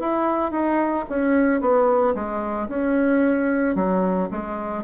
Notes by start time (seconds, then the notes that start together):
0.00 E4
0.52 D#4
1.10 C#4
1.61 B3
2.15 G#3
2.69 C#4
3.75 F#3
4.31 G#3